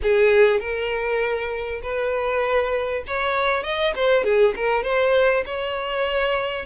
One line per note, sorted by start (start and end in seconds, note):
0.02 0.60 G#4
0.60 1.81 A#4
1.82 3.03 B4
3.07 3.63 C#5
3.63 3.93 D#5
3.95 4.24 C5
4.24 4.54 G#4
4.56 4.83 A#4
4.83 5.44 C5
5.45 6.65 C#5